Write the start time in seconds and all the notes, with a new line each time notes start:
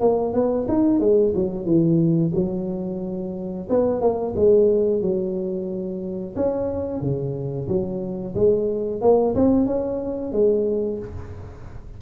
0.00 A#3
0.33 B3
0.68 D#4
0.99 G#3
1.35 F#3
1.65 E3
2.34 F#3
3.69 B3
4.00 A#3
4.35 G#3
5.01 F#3
6.35 C#4
7.00 C#3
7.67 F#3
8.35 G#3
9.01 A#3
9.35 C4
9.66 C#4
10.32 G#3